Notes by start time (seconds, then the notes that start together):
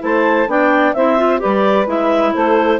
0.00 A3 E4 C5 A5
0.47 B3 D4 D5 G5
0.94 C4 E4 C5 E5
1.18 F4
1.39 G3 G4 B4 D5
1.87 G#3 E4 E5
2.34 A3 A4 C5